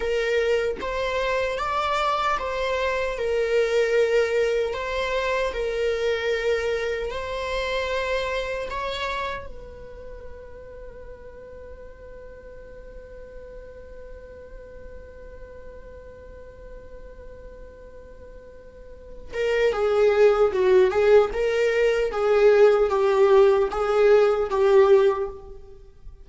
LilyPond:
\new Staff \with { instrumentName = "viola" } { \time 4/4 \tempo 4 = 76 ais'4 c''4 d''4 c''4 | ais'2 c''4 ais'4~ | ais'4 c''2 cis''4 | b'1~ |
b'1~ | b'1~ | b'8 ais'8 gis'4 fis'8 gis'8 ais'4 | gis'4 g'4 gis'4 g'4 | }